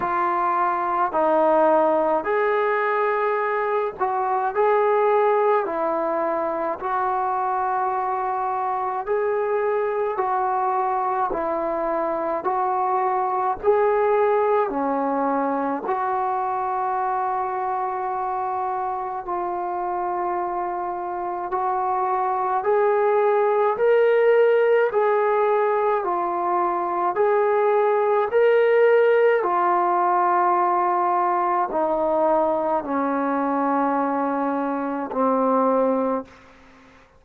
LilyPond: \new Staff \with { instrumentName = "trombone" } { \time 4/4 \tempo 4 = 53 f'4 dis'4 gis'4. fis'8 | gis'4 e'4 fis'2 | gis'4 fis'4 e'4 fis'4 | gis'4 cis'4 fis'2~ |
fis'4 f'2 fis'4 | gis'4 ais'4 gis'4 f'4 | gis'4 ais'4 f'2 | dis'4 cis'2 c'4 | }